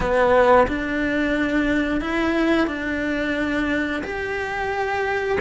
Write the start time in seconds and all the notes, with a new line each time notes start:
0.00 B3
0.67 D4
2.00 E4
2.67 D4
4.03 G4